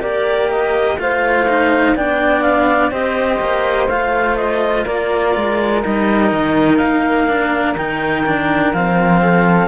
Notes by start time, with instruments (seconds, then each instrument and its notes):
0.00 cello A#3 G4, flute A#4, clarinet D5
0.51 clarinet D#5
0.98 cello A3 F4, flute C5, clarinet F5
1.49 cello D#4
1.95 cello B3 D4, flute D5, clarinet G5
2.42 clarinet F5
2.91 cello C4 G4, flute C5, clarinet D#5
3.40 cello A#3
3.89 cello A3 F4, clarinet F5
4.37 clarinet D#5
4.85 cello A#3, flute A#4, clarinet D5
5.36 cello G#3
5.83 cello G3 D#4, clarinet D#5
6.32 cello D#3
6.77 cello A#3, clarinet F5
7.28 cello D4
7.75 cello D#3 D#4, clarinet G5
8.26 cello D4
8.73 cello F3 C4, clarinet F5
9.22 flute A4